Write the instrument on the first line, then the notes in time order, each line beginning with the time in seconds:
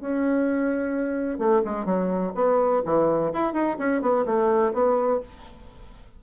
bassoon
0.00 C#4
1.38 A3
1.65 G#3
1.85 F#3
2.35 B3
2.85 E3
3.33 E4
3.53 D#4
3.79 C#4
4.01 B3
4.25 A3
4.73 B3